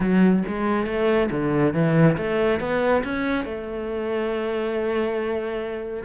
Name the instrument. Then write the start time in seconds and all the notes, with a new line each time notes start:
cello
0.00 F#3
0.47 G#3
0.86 A3
1.30 D3
1.73 E3
2.17 A3
2.60 B3
3.04 C#4
3.44 A3